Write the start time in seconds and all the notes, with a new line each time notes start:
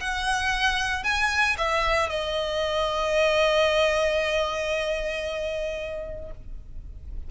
0.00 F#5
1.04 G#5
1.58 E5
2.10 D#5